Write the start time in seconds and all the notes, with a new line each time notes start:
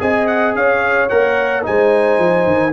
0.00 C4 G#4 D#5 G#5
0.27 F#5
0.55 C#4 C#5 F5
1.09 A#3 A#4 F#5
1.63 G#3 D#4 C5 G#5
2.19 F3
2.47 D#3